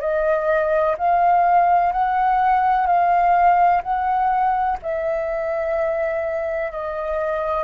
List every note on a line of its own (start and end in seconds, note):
0.00 0.95 D#5
0.97 1.92 F5
1.92 2.86 F#5
2.86 3.81 F5
3.82 4.77 F#5
4.82 6.71 E5
6.71 7.64 D#5